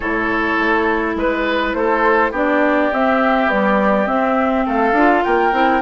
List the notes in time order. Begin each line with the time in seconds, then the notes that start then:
0.00 A2 E4 A4 C#5
0.58 A3
1.15 G#3 B4
1.73 A3 A4 C5
2.31 B3 D4 G4 D5
2.92 C4 E5
3.46 G3 B3 D5
4.06 C4 E5
4.66 A3 A4 F5
4.92 D4 F4
5.23 A#3 A#4 G5
5.52 C4 E4